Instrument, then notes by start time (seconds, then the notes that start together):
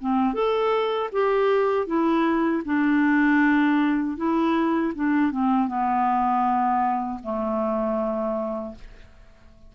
clarinet
0.00 C4
0.33 A4
1.12 G4
1.86 E4
2.64 D4
4.17 E4
4.94 D4
5.31 C4
5.67 B3
7.23 A3